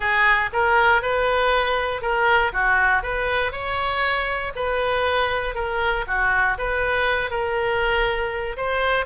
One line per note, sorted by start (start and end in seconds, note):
0.00 0.50 G#4
0.52 1.02 A#4
1.02 2.01 B4
2.01 2.51 A#4
2.53 3.03 F#4
3.03 3.52 B4
3.52 4.52 C#5
4.55 5.54 B4
5.54 6.05 A#4
6.07 6.57 F#4
6.58 7.30 B4
7.30 8.56 A#4
8.56 9.05 C5